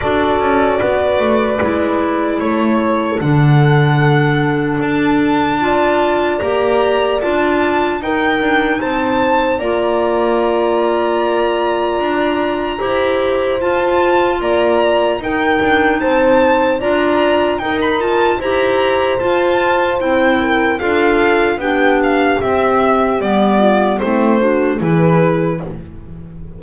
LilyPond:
<<
  \new Staff \with { instrumentName = "violin" } { \time 4/4 \tempo 4 = 75 d''2. cis''4 | fis''2 a''2 | ais''4 a''4 g''4 a''4 | ais''1~ |
ais''4 a''4 ais''4 g''4 | a''4 ais''4 g''16 b''16 a''8 ais''4 | a''4 g''4 f''4 g''8 f''8 | e''4 d''4 c''4 b'4 | }
  \new Staff \with { instrumentName = "horn" } { \time 4/4 a'4 b'2 a'4~ | a'2. d''4~ | d''2 ais'4 c''4 | d''1 |
c''2 d''4 ais'4 | c''4 d''4 ais'4 c''4~ | c''4. ais'8 a'4 g'4~ | g'4. f'8 e'8 fis'8 gis'4 | }
  \new Staff \with { instrumentName = "clarinet" } { \time 4/4 fis'2 e'2 | d'2. f'4 | g'4 f'4 dis'2 | f'1 |
g'4 f'2 dis'4~ | dis'4 f'4 dis'8 f'8 g'4 | f'4 e'4 f'4 d'4 | c'4 b4 c'8 d'8 e'4 | }
  \new Staff \with { instrumentName = "double bass" } { \time 4/4 d'8 cis'8 b8 a8 gis4 a4 | d2 d'2 | ais4 d'4 dis'8 d'8 c'4 | ais2. d'4 |
e'4 f'4 ais4 dis'8 d'8 | c'4 d'4 dis'4 e'4 | f'4 c'4 d'4 b4 | c'4 g4 a4 e4 | }
>>